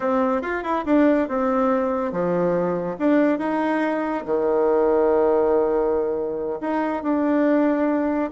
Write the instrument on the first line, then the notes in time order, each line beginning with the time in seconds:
bassoon
0.00 C4
0.42 F4
0.63 E4
0.85 D4
1.28 C4
2.11 F3
2.99 D4
3.38 D#4
4.25 D#3
6.61 D#4
7.03 D4